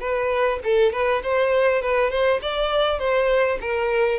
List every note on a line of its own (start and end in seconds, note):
0.00 0.59 B4
0.64 0.93 A4
0.93 1.22 B4
1.23 1.82 C5
1.82 2.11 B4
2.11 2.40 C5
2.42 2.99 D5
2.99 3.58 C5
3.61 4.19 A#4